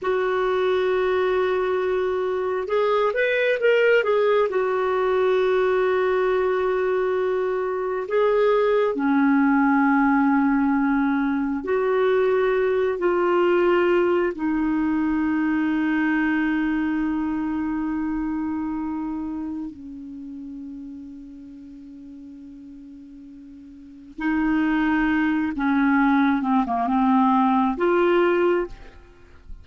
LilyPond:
\new Staff \with { instrumentName = "clarinet" } { \time 4/4 \tempo 4 = 67 fis'2. gis'8 b'8 | ais'8 gis'8 fis'2.~ | fis'4 gis'4 cis'2~ | cis'4 fis'4. f'4. |
dis'1~ | dis'2 cis'2~ | cis'2. dis'4~ | dis'8 cis'4 c'16 ais16 c'4 f'4 | }